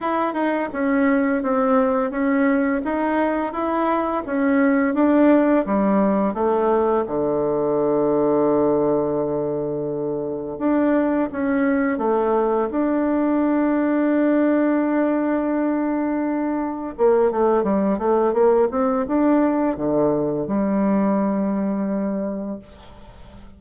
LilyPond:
\new Staff \with { instrumentName = "bassoon" } { \time 4/4 \tempo 4 = 85 e'8 dis'8 cis'4 c'4 cis'4 | dis'4 e'4 cis'4 d'4 | g4 a4 d2~ | d2. d'4 |
cis'4 a4 d'2~ | d'1 | ais8 a8 g8 a8 ais8 c'8 d'4 | d4 g2. | }